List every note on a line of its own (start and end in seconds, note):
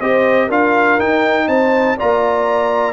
0.00 0.49 C4
0.00 0.50 G4
0.00 0.47 C5
0.00 0.49 D#5
0.47 0.98 D4
0.47 0.99 F4
0.47 1.45 A#4
0.47 1.00 F5
0.99 1.47 D#4
0.99 1.97 D#4
0.99 1.48 G5
1.47 1.96 C4
1.47 1.97 C5
1.47 1.97 A5
1.97 2.92 A#3
1.97 2.92 F4
1.97 2.92 D5
1.97 2.92 A#5